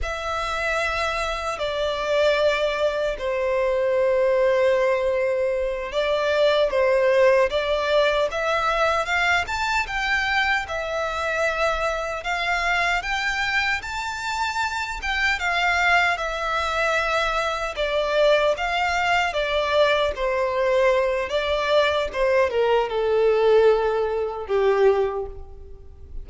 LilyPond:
\new Staff \with { instrumentName = "violin" } { \time 4/4 \tempo 4 = 76 e''2 d''2 | c''2.~ c''8 d''8~ | d''8 c''4 d''4 e''4 f''8 | a''8 g''4 e''2 f''8~ |
f''8 g''4 a''4. g''8 f''8~ | f''8 e''2 d''4 f''8~ | f''8 d''4 c''4. d''4 | c''8 ais'8 a'2 g'4 | }